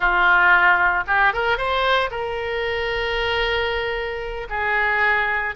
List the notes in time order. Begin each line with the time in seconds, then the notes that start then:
0.00 F4
1.07 G4
1.33 A#4
1.57 C5
2.10 A#4
4.49 G#4